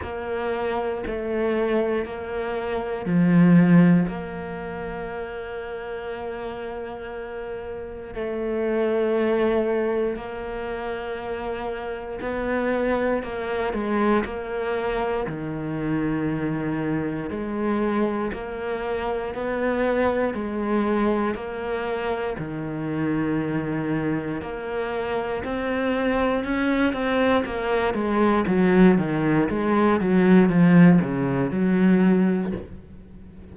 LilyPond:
\new Staff \with { instrumentName = "cello" } { \time 4/4 \tempo 4 = 59 ais4 a4 ais4 f4 | ais1 | a2 ais2 | b4 ais8 gis8 ais4 dis4~ |
dis4 gis4 ais4 b4 | gis4 ais4 dis2 | ais4 c'4 cis'8 c'8 ais8 gis8 | fis8 dis8 gis8 fis8 f8 cis8 fis4 | }